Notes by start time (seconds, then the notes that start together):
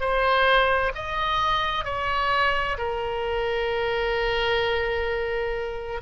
0.00 C5
0.95 D#5
1.85 C#5
2.78 A#4